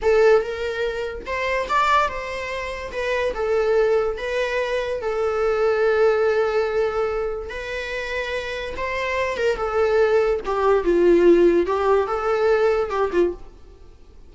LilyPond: \new Staff \with { instrumentName = "viola" } { \time 4/4 \tempo 4 = 144 a'4 ais'2 c''4 | d''4 c''2 b'4 | a'2 b'2 | a'1~ |
a'2 b'2~ | b'4 c''4. ais'8 a'4~ | a'4 g'4 f'2 | g'4 a'2 g'8 f'8 | }